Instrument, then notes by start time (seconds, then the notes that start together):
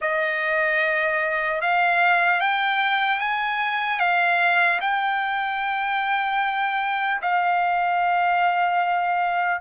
trumpet
0.01 D#5
1.61 F5
2.40 G5
3.20 G#5
3.99 F5
4.80 G5
7.21 F5